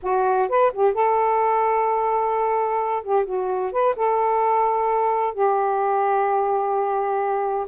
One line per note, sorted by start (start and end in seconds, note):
0.02 0.48 F#4
0.48 0.71 B4
0.73 0.94 G4
0.94 3.03 A4
3.03 3.25 G4
3.25 3.71 F#4
3.71 3.95 B4
3.96 5.34 A4
5.34 7.66 G4